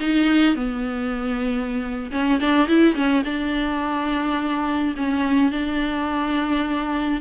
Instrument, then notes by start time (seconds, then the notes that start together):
viola
0.00 D#4
0.55 B3
2.11 C#4
2.40 D4
2.68 E4
2.95 C#4
3.25 D4
4.97 C#4
5.52 D4